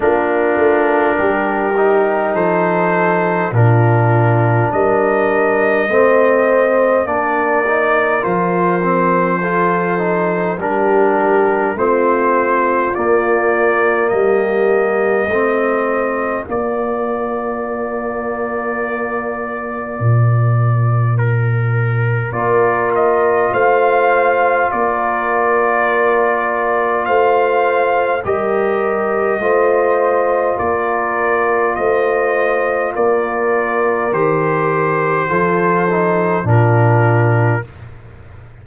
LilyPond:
<<
  \new Staff \with { instrumentName = "trumpet" } { \time 4/4 \tempo 4 = 51 ais'2 c''4 ais'4 | dis''2 d''4 c''4~ | c''4 ais'4 c''4 d''4 | dis''2 d''2~ |
d''2 ais'4 d''8 dis''8 | f''4 d''2 f''4 | dis''2 d''4 dis''4 | d''4 c''2 ais'4 | }
  \new Staff \with { instrumentName = "horn" } { \time 4/4 f'4 g'4 a'4 f'4 | ais'4 c''4 ais'2 | a'4 g'4 f'2 | g'4 f'2.~ |
f'2. ais'4 | c''4 ais'2 c''4 | ais'4 c''4 ais'4 c''4 | ais'2 a'4 f'4 | }
  \new Staff \with { instrumentName = "trombone" } { \time 4/4 d'4. dis'4. d'4~ | d'4 c'4 d'8 dis'8 f'8 c'8 | f'8 dis'8 d'4 c'4 ais4~ | ais4 c'4 ais2~ |
ais2. f'4~ | f'1 | g'4 f'2.~ | f'4 g'4 f'8 dis'8 d'4 | }
  \new Staff \with { instrumentName = "tuba" } { \time 4/4 ais8 a8 g4 f4 ais,4 | g4 a4 ais4 f4~ | f4 g4 a4 ais4 | g4 a4 ais2~ |
ais4 ais,2 ais4 | a4 ais2 a4 | g4 a4 ais4 a4 | ais4 dis4 f4 ais,4 | }
>>